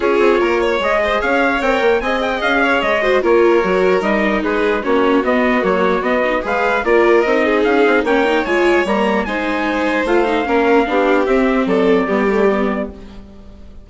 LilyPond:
<<
  \new Staff \with { instrumentName = "trumpet" } { \time 4/4 \tempo 4 = 149 cis''2 dis''4 f''4 | g''4 gis''8 g''8 f''4 dis''4 | cis''2 dis''4 b'4 | cis''4 dis''4 cis''4 dis''4 |
f''4 d''4 dis''4 f''4 | g''4 gis''4 ais''4 gis''4~ | gis''4 f''2. | e''4 d''2. | }
  \new Staff \with { instrumentName = "violin" } { \time 4/4 gis'4 ais'8 cis''4 c''8 cis''4~ | cis''4 dis''4. cis''4 c''8 | ais'2. gis'4 | fis'1 |
b'4 ais'4. gis'4. | cis''2. c''4~ | c''2 ais'4 g'4~ | g'4 a'4 g'2 | }
  \new Staff \with { instrumentName = "viola" } { \time 4/4 f'2 gis'2 | ais'4 gis'2~ gis'8 fis'8 | f'4 fis'4 dis'2 | cis'4 b4 ais4 b8 dis'8 |
gis'4 f'4 dis'2 | cis'8 dis'8 f'4 ais4 dis'4~ | dis'4 f'8 dis'8 cis'4 d'4 | c'2 b8 a8 b4 | }
  \new Staff \with { instrumentName = "bassoon" } { \time 4/4 cis'8 c'8 ais4 gis4 cis'4 | c'8 ais8 c'4 cis'4 gis4 | ais4 fis4 g4 gis4 | ais4 b4 fis4 b4 |
gis4 ais4 c'4 cis'8 c'8 | ais4 gis4 g4 gis4~ | gis4 a4 ais4 b4 | c'4 fis4 g2 | }
>>